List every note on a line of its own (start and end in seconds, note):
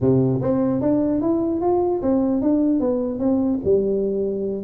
0.01 0.41 C3
0.41 0.81 C4
0.81 1.21 D4
1.21 1.61 E4
1.61 2.01 F4
2.02 2.41 C4
2.41 2.80 D4
2.80 3.19 B3
3.19 3.59 C4
3.64 4.63 G3